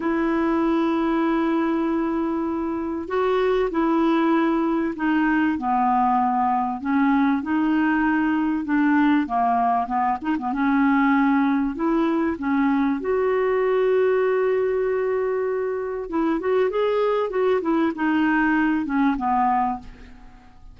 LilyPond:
\new Staff \with { instrumentName = "clarinet" } { \time 4/4 \tempo 4 = 97 e'1~ | e'4 fis'4 e'2 | dis'4 b2 cis'4 | dis'2 d'4 ais4 |
b8 dis'16 b16 cis'2 e'4 | cis'4 fis'2.~ | fis'2 e'8 fis'8 gis'4 | fis'8 e'8 dis'4. cis'8 b4 | }